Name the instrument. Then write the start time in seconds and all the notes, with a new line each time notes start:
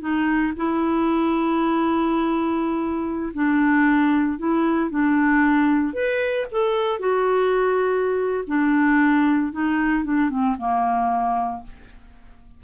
clarinet
0.00 D#4
0.56 E4
3.33 D4
4.38 E4
4.90 D4
5.93 B4
6.51 A4
6.99 F#4
8.46 D4
9.52 D#4
10.04 D4
10.29 C4
10.58 A#3